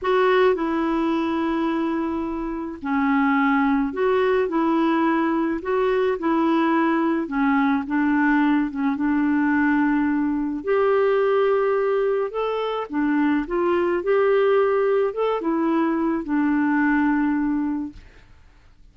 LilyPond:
\new Staff \with { instrumentName = "clarinet" } { \time 4/4 \tempo 4 = 107 fis'4 e'2.~ | e'4 cis'2 fis'4 | e'2 fis'4 e'4~ | e'4 cis'4 d'4. cis'8 |
d'2. g'4~ | g'2 a'4 d'4 | f'4 g'2 a'8 e'8~ | e'4 d'2. | }